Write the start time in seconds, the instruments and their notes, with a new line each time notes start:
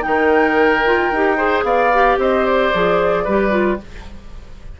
0.00 bassoon D#3, clarinet D#4, flute G5
0.06 oboe A#4
0.85 clarinet F4
1.11 bassoon D#4, clarinet G4
1.37 clarinet G#4, oboe C5
1.63 bassoon B3, oboe D5, flute F5
1.93 clarinet G4
2.17 bassoon C4, oboe C5, flute D#5
2.45 flute D5
2.73 bassoon F3, clarinet G#4
3.23 bassoon G3, clarinet G4, oboe B4
3.50 clarinet F4